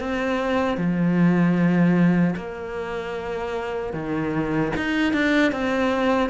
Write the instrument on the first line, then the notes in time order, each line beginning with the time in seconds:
cello
0.00 C4
0.77 F3
2.36 A#3
3.93 D#3
4.77 D#4
5.13 D4
5.52 C4